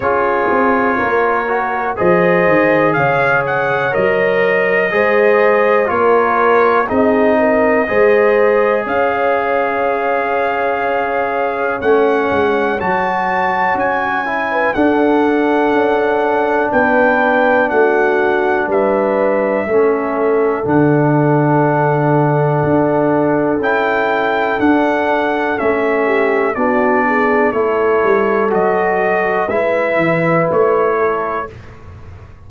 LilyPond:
<<
  \new Staff \with { instrumentName = "trumpet" } { \time 4/4 \tempo 4 = 61 cis''2 dis''4 f''8 fis''8 | dis''2 cis''4 dis''4~ | dis''4 f''2. | fis''4 a''4 gis''4 fis''4~ |
fis''4 g''4 fis''4 e''4~ | e''4 fis''2. | g''4 fis''4 e''4 d''4 | cis''4 dis''4 e''4 cis''4 | }
  \new Staff \with { instrumentName = "horn" } { \time 4/4 gis'4 ais'4 c''4 cis''4~ | cis''4 c''4 ais'4 gis'8 ais'8 | c''4 cis''2.~ | cis''2~ cis''8. b'16 a'4~ |
a'4 b'4 fis'4 b'4 | a'1~ | a'2~ a'8 g'8 fis'8 gis'8 | a'2 b'4. a'8 | }
  \new Staff \with { instrumentName = "trombone" } { \time 4/4 f'4. fis'8 gis'2 | ais'4 gis'4 f'4 dis'4 | gis'1 | cis'4 fis'4. e'8 d'4~ |
d'1 | cis'4 d'2. | e'4 d'4 cis'4 d'4 | e'4 fis'4 e'2 | }
  \new Staff \with { instrumentName = "tuba" } { \time 4/4 cis'8 c'8 ais4 f8 dis8 cis4 | fis4 gis4 ais4 c'4 | gis4 cis'2. | a8 gis8 fis4 cis'4 d'4 |
cis'4 b4 a4 g4 | a4 d2 d'4 | cis'4 d'4 a4 b4 | a8 g8 fis4 gis8 e8 a4 | }
>>